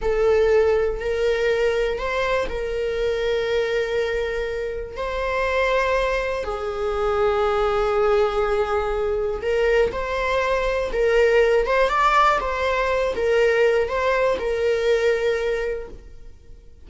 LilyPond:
\new Staff \with { instrumentName = "viola" } { \time 4/4 \tempo 4 = 121 a'2 ais'2 | c''4 ais'2.~ | ais'2 c''2~ | c''4 gis'2.~ |
gis'2. ais'4 | c''2 ais'4. c''8 | d''4 c''4. ais'4. | c''4 ais'2. | }